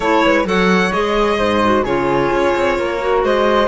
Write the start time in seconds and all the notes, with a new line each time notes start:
0.00 A3 E4 A4 C#5
0.23 G#3 B4
0.45 F#3 A4 C#5 F#5
0.91 G#3 G#4 D#5
1.38 G#2 C5
1.63 F#4
1.83 C#3 F4 G#4 C#5
2.31 C#4
2.55 C4
2.78 A#3 A#4
2.99 F#4
3.23 G#3 C5 D#5